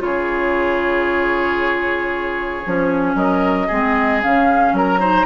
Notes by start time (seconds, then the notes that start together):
0.00 C#3 F4 G#4 C#5
2.66 F3 C#4
3.15 F#3 A#4 D#5
3.67 G#3 C4 G#4
4.22 C#3 C#4 F5
4.73 F#3 A#4 A#5
5.00 D#4 C5